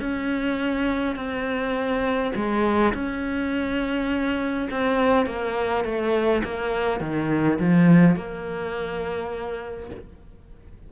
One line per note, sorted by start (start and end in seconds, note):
0.00 1.15 C#4
1.15 2.32 C4
2.35 2.93 G#3
2.94 4.69 C#4
4.71 5.26 C4
5.26 5.84 A#3
5.84 6.43 A3
6.44 7.00 A#3
7.00 7.58 D#3
7.59 8.16 F3
8.16 9.90 A#3